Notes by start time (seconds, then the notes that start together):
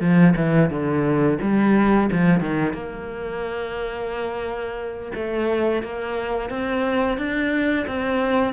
0.00 F3
0.36 E3
0.70 D3
1.42 G3
2.12 F3
2.40 D#3
2.74 A#3
5.15 A3
5.82 A#3
6.50 C4
7.18 D4
7.87 C4